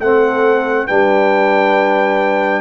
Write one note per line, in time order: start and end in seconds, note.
0.00 0.88 A3
0.00 0.88 C4
0.00 0.86 A4
0.00 0.87 F#5
0.86 2.62 G3
0.86 2.62 D4
0.86 2.62 B4
0.86 2.62 G5